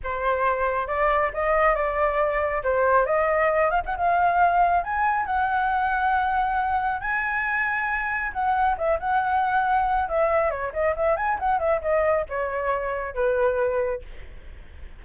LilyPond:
\new Staff \with { instrumentName = "flute" } { \time 4/4 \tempo 4 = 137 c''2 d''4 dis''4 | d''2 c''4 dis''4~ | dis''8 f''16 fis''16 f''2 gis''4 | fis''1 |
gis''2. fis''4 | e''8 fis''2~ fis''8 e''4 | cis''8 dis''8 e''8 gis''8 fis''8 e''8 dis''4 | cis''2 b'2 | }